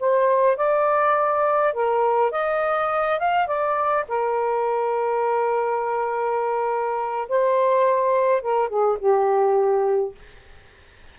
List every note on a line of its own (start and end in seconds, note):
0.00 0.57 C5
0.57 1.74 D5
1.74 2.32 A#4
2.32 3.19 D#5
3.19 3.47 F5
3.47 4.05 D5
4.08 7.29 A#4
7.29 8.42 C5
8.42 8.69 A#4
8.69 8.98 G#4
8.99 10.15 G4